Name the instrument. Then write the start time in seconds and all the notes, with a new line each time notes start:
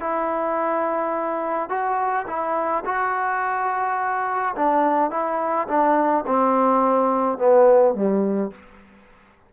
trombone
0.00 E4
1.69 F#4
2.27 E4
2.85 F#4
4.55 D4
5.10 E4
5.67 D4
6.26 C4
7.38 B3
7.94 G3